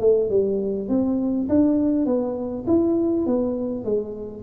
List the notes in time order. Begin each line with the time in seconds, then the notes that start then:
0.00 A3
0.29 G3
0.88 C4
1.49 D4
2.05 B3
2.67 E4
3.26 B3
3.84 G#3